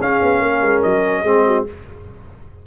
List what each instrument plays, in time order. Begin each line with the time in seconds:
0.00 tuba C#4, trombone C#4, horn G#4, trumpet F5
0.21 tuba B3
0.41 tuba A#3, horn A#4
0.62 tuba G#3
0.82 tuba F#3, trumpet D#5
1.22 tuba G#3, trombone C4, horn G#4
1.45 horn F#4